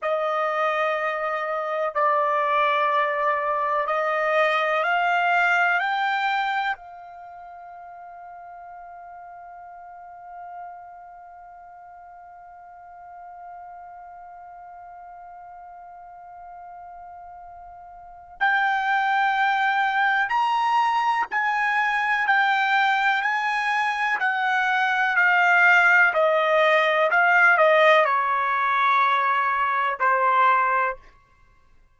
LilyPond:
\new Staff \with { instrumentName = "trumpet" } { \time 4/4 \tempo 4 = 62 dis''2 d''2 | dis''4 f''4 g''4 f''4~ | f''1~ | f''1~ |
f''2. g''4~ | g''4 ais''4 gis''4 g''4 | gis''4 fis''4 f''4 dis''4 | f''8 dis''8 cis''2 c''4 | }